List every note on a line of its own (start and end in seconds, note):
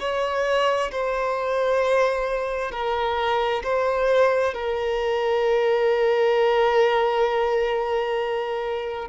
0.00 0.91 C#5
0.91 2.71 C5
2.71 3.62 A#4
3.64 4.54 C5
4.54 9.09 A#4